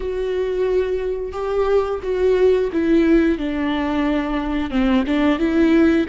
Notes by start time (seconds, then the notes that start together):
0.00 F#4
1.32 G4
2.02 F#4
2.72 E4
3.38 D4
4.70 C4
5.06 D4
5.38 E4